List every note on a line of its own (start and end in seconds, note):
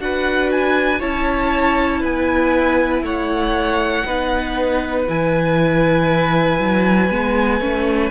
0.00 1.02 D4
0.00 1.01 F#4
0.00 1.00 B4
0.00 0.51 F#5
0.52 1.01 G#5
1.00 2.04 C#4
1.00 4.06 E4
1.00 2.01 C#5
1.00 2.03 A5
2.01 3.03 B3
2.01 3.03 B4
2.01 3.05 G#5
3.03 4.04 A3
3.03 4.06 C#5
3.03 5.09 F#5
4.06 5.07 B3
4.06 5.07 D#4
4.06 8.11 B4
5.08 6.59 E3
5.08 7.10 E4
5.08 8.11 G#5
6.59 7.10 F#3
7.10 7.61 G#3
7.10 7.61 B3
7.61 8.11 A3
7.61 8.11 C#4